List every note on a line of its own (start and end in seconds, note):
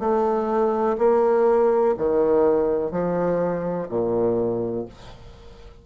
0.00 0.97 A3
0.99 1.95 A#3
1.98 2.92 D#3
2.92 3.88 F3
3.89 4.86 A#2